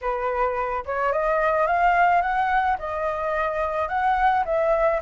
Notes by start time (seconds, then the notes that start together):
0.01 B4
0.85 C#5
1.12 D#5
1.66 F5
2.21 F#5
2.78 D#5
3.88 F#5
4.45 E5